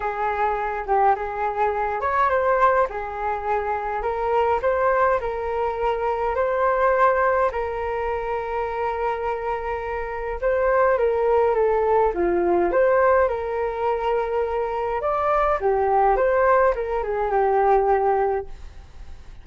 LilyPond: \new Staff \with { instrumentName = "flute" } { \time 4/4 \tempo 4 = 104 gis'4. g'8 gis'4. cis''8 | c''4 gis'2 ais'4 | c''4 ais'2 c''4~ | c''4 ais'2.~ |
ais'2 c''4 ais'4 | a'4 f'4 c''4 ais'4~ | ais'2 d''4 g'4 | c''4 ais'8 gis'8 g'2 | }